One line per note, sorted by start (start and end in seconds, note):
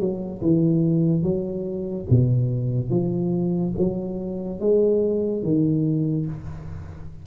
0.00 0.42 F#3
0.42 1.23 E3
1.23 2.06 F#3
2.10 2.90 B2
2.90 3.73 F3
3.78 4.61 F#3
4.61 5.43 G#3
5.43 6.27 D#3